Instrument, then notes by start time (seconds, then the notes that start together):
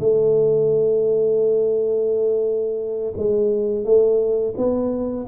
tuba
0.00 A3
3.18 G#3
3.85 A3
4.57 B3